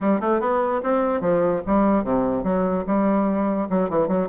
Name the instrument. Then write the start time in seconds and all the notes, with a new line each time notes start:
bassoon
0.01 G3
0.20 A3
0.40 B3
0.83 C4
1.20 F3
1.66 G3
2.03 C3
2.43 F#3
2.86 G3
3.69 F#3
3.89 E3
4.08 F#3